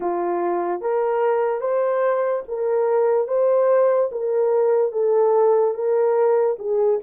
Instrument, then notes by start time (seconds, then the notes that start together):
horn
0.00 F4
0.81 A#4
1.60 C5
2.47 A#4
3.27 C5
4.11 A#4
4.92 A4
5.74 A#4
6.59 G#4